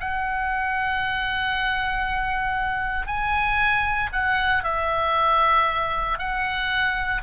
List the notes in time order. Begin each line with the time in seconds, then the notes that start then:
0.00 F#5
3.07 G#5
4.12 F#5
4.64 E5
6.19 F#5